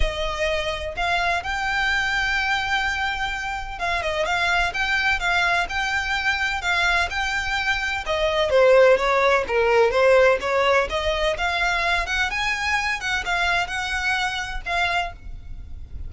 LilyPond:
\new Staff \with { instrumentName = "violin" } { \time 4/4 \tempo 4 = 127 dis''2 f''4 g''4~ | g''1 | f''8 dis''8 f''4 g''4 f''4 | g''2 f''4 g''4~ |
g''4 dis''4 c''4 cis''4 | ais'4 c''4 cis''4 dis''4 | f''4. fis''8 gis''4. fis''8 | f''4 fis''2 f''4 | }